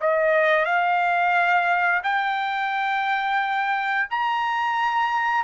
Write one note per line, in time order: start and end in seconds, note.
0.00 0.65 D#5
0.65 2.01 F5
2.03 4.08 G5
4.10 5.44 A#5